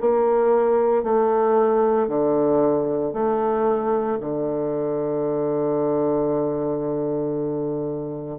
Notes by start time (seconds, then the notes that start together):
0.00 A#3
1.03 A3
2.08 D3
3.13 A3
4.20 D3